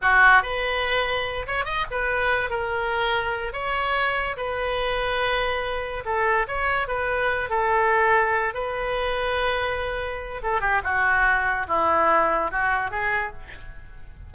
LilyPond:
\new Staff \with { instrumentName = "oboe" } { \time 4/4 \tempo 4 = 144 fis'4 b'2~ b'8 cis''8 | dis''8 b'4. ais'2~ | ais'8 cis''2 b'4.~ | b'2~ b'8 a'4 cis''8~ |
cis''8 b'4. a'2~ | a'8 b'2.~ b'8~ | b'4 a'8 g'8 fis'2 | e'2 fis'4 gis'4 | }